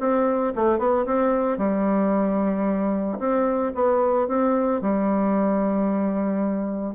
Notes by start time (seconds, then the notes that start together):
0.00 C4
0.56 A3
0.79 B3
1.06 C4
1.58 G3
3.19 C4
3.75 B3
4.28 C4
4.82 G3